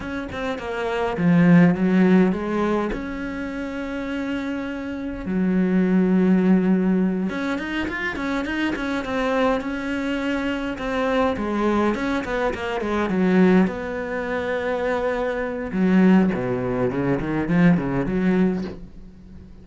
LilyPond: \new Staff \with { instrumentName = "cello" } { \time 4/4 \tempo 4 = 103 cis'8 c'8 ais4 f4 fis4 | gis4 cis'2.~ | cis'4 fis2.~ | fis8 cis'8 dis'8 f'8 cis'8 dis'8 cis'8 c'8~ |
c'8 cis'2 c'4 gis8~ | gis8 cis'8 b8 ais8 gis8 fis4 b8~ | b2. fis4 | b,4 cis8 dis8 f8 cis8 fis4 | }